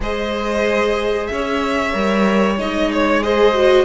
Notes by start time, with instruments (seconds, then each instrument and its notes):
0.00 cello G#3, viola G#4, violin C5 D#5
1.26 cello C#4, violin E5
1.32 violin C#5
1.92 cello G3, viola A#4
2.58 cello G#3, viola D#4, violin D#5
2.92 violin C#5
3.22 viola G#4, violin C5 D#5
3.54 viola F#4